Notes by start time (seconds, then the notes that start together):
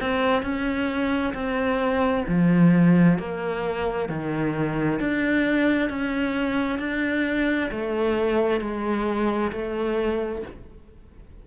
0.00 C4
0.42 C#4
1.33 C4
2.27 F3
3.18 A#3
4.09 D#3
5.00 D4
5.89 C#4
6.79 D4
7.71 A3
8.60 G#3
9.51 A3